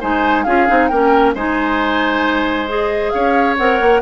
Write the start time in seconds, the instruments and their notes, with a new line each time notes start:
0.00 bassoon G#3, clarinet D#4, oboe C5, flute G#5
0.43 bassoon C#4, clarinet F4, oboe G#4, flute F5
0.67 bassoon C4, clarinet D#4
0.87 bassoon A#3, clarinet C#4, oboe A#4, flute G5
1.34 bassoon G#3, clarinet D#4, oboe C5, flute G#5
2.67 clarinet G#4, flute D#5
3.10 bassoon C#4, oboe C#5, flute F5
3.57 bassoon C4, clarinet A#4, flute F#5
3.80 bassoon A#3